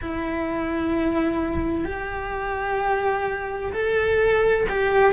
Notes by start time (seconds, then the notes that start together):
0.01 E4
1.85 G4
3.72 A4
4.69 G4